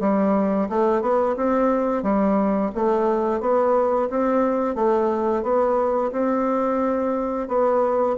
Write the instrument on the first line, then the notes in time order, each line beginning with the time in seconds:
bassoon
0.00 G3
0.69 A3
1.02 B3
1.36 C4
2.03 G3
2.75 A3
3.41 B3
4.10 C4
4.75 A3
5.43 B3
6.12 C4
7.48 B3